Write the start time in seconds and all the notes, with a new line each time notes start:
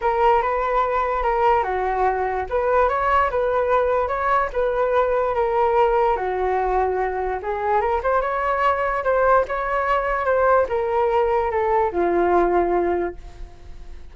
0.01 A#4
0.42 B4
1.22 A#4
1.63 F#4
2.49 B4
2.89 C#5
3.30 B4
4.08 C#5
4.52 B4
5.34 A#4
6.16 F#4
7.42 G#4
7.80 A#4
8.03 C5
8.21 C#5
9.04 C5
9.48 C#5
10.25 C5
10.68 A#4
11.50 A4
11.92 F4